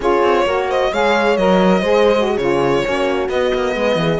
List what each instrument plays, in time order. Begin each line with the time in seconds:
0.00 cello C#4, saxophone F4, horn G#4, violin C#5
0.23 cello C4
0.45 cello A#3, saxophone F#4, horn A#4
0.69 horn C5, violin D#5
0.91 cello G#3, saxophone G#4, horn C#5, violin F5
1.37 cello F#3, saxophone A#4, violin D#5
1.81 cello G#3, saxophone G#4, horn C5
2.16 saxophone F#4
2.27 horn G#4
2.37 cello C#3, saxophone F4, violin C#5
2.84 cello A#3, saxophone C#4, horn F#4
3.29 cello B3, saxophone B3, violin D#5
3.54 cello A#3
3.75 cello G#3, horn B4
3.95 cello E3, horn G#4